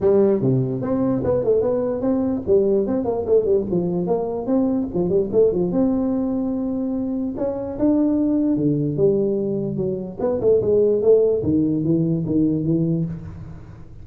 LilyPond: \new Staff \with { instrumentName = "tuba" } { \time 4/4 \tempo 4 = 147 g4 c4 c'4 b8 a8 | b4 c'4 g4 c'8 ais8 | a8 g8 f4 ais4 c'4 | f8 g8 a8 f8 c'2~ |
c'2 cis'4 d'4~ | d'4 d4 g2 | fis4 b8 a8 gis4 a4 | dis4 e4 dis4 e4 | }